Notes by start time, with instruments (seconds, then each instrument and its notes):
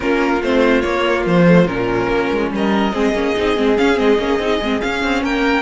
0.00 cello A#3, viola C#4, violin F4 A#4
0.41 cello A3, viola C4, violin C5
0.81 viola A#3, cello A#3, violin C#5
1.26 cello F3, violin C5
1.46 viola A3
1.66 cello A#2, viola C#4, violin A#4
2.08 cello A#3
2.31 cello G#3
2.51 cello G3, violin A#4 D#5
2.92 cello G#3, viola C4, violin G#4
3.13 cello A#3, viola C#4
3.36 cello C4, viola D#4
3.56 cello G#3, viola C4
3.77 viola C#4, cello C#4, violin F5
3.95 cello G#3, viola C4, violin D#5
4.18 cello A#3, viola C#4
4.38 cello C4, viola D#4
4.60 cello G#3, viola C4
4.81 viola C#4, cello C#4, violin F5
5.03 cello C4
5.22 cello A#3, violin A#4 G5